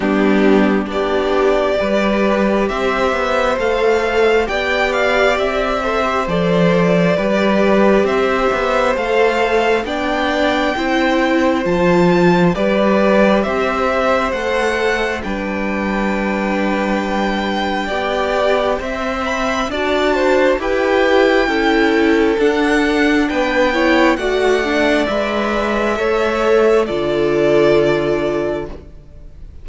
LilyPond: <<
  \new Staff \with { instrumentName = "violin" } { \time 4/4 \tempo 4 = 67 g'4 d''2 e''4 | f''4 g''8 f''8 e''4 d''4~ | d''4 e''4 f''4 g''4~ | g''4 a''4 d''4 e''4 |
fis''4 g''2.~ | g''4. b''8 a''4 g''4~ | g''4 fis''4 g''4 fis''4 | e''2 d''2 | }
  \new Staff \with { instrumentName = "violin" } { \time 4/4 d'4 g'4 b'4 c''4~ | c''4 d''4. c''4. | b'4 c''2 d''4 | c''2 b'4 c''4~ |
c''4 b'2. | d''4 e''4 d''8 c''8 b'4 | a'2 b'8 cis''8 d''4~ | d''4 cis''4 a'2 | }
  \new Staff \with { instrumentName = "viola" } { \time 4/4 b4 d'4 g'2 | a'4 g'4. a'16 g'16 a'4 | g'2 a'4 d'4 | e'4 f'4 g'2 |
a'4 d'2. | g'4 c''4 fis'4 g'4 | e'4 d'4. e'8 fis'8 d'8 | b'4 a'4 f'2 | }
  \new Staff \with { instrumentName = "cello" } { \time 4/4 g4 b4 g4 c'8 b8 | a4 b4 c'4 f4 | g4 c'8 b8 a4 b4 | c'4 f4 g4 c'4 |
a4 g2. | b4 c'4 d'4 e'4 | cis'4 d'4 b4 a4 | gis4 a4 d2 | }
>>